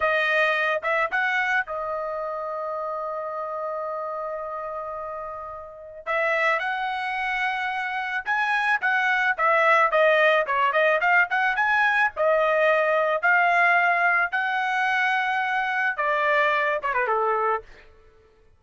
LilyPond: \new Staff \with { instrumentName = "trumpet" } { \time 4/4 \tempo 4 = 109 dis''4. e''8 fis''4 dis''4~ | dis''1~ | dis''2. e''4 | fis''2. gis''4 |
fis''4 e''4 dis''4 cis''8 dis''8 | f''8 fis''8 gis''4 dis''2 | f''2 fis''2~ | fis''4 d''4. cis''16 b'16 a'4 | }